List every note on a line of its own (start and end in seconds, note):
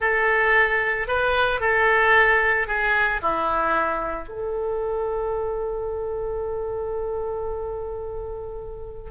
0.00 1.07 A4
1.07 1.60 B4
1.60 2.67 A4
2.67 3.20 G#4
3.21 4.28 E4
4.28 9.10 A4